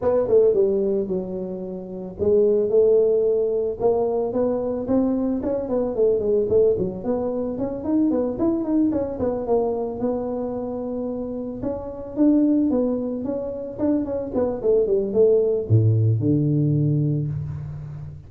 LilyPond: \new Staff \with { instrumentName = "tuba" } { \time 4/4 \tempo 4 = 111 b8 a8 g4 fis2 | gis4 a2 ais4 | b4 c'4 cis'8 b8 a8 gis8 | a8 fis8 b4 cis'8 dis'8 b8 e'8 |
dis'8 cis'8 b8 ais4 b4.~ | b4. cis'4 d'4 b8~ | b8 cis'4 d'8 cis'8 b8 a8 g8 | a4 a,4 d2 | }